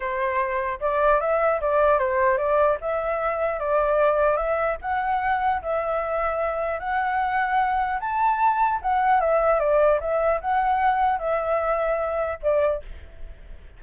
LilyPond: \new Staff \with { instrumentName = "flute" } { \time 4/4 \tempo 4 = 150 c''2 d''4 e''4 | d''4 c''4 d''4 e''4~ | e''4 d''2 e''4 | fis''2 e''2~ |
e''4 fis''2. | a''2 fis''4 e''4 | d''4 e''4 fis''2 | e''2. d''4 | }